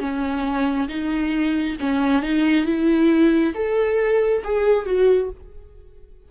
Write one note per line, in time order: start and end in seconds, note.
0.00 0.88 C#4
0.89 1.77 D#4
1.80 2.23 C#4
2.23 2.66 D#4
2.66 3.54 E4
3.55 4.43 A4
4.44 4.86 G#4
4.86 5.30 F#4